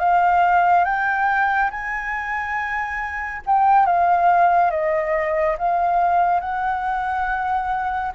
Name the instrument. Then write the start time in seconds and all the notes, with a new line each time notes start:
flute
0.00 F5
0.85 G5
1.71 G#5
3.47 G5
3.86 F5
4.71 D#5
5.59 F5
6.41 F#5